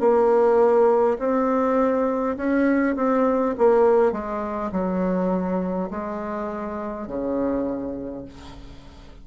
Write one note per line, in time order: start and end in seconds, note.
0.00 1.18 A#3
1.19 2.36 C4
2.37 2.96 C#4
2.96 3.55 C4
3.58 4.12 A#3
4.12 4.71 G#3
4.72 5.90 F#3
5.90 7.07 G#3
7.07 8.25 C#3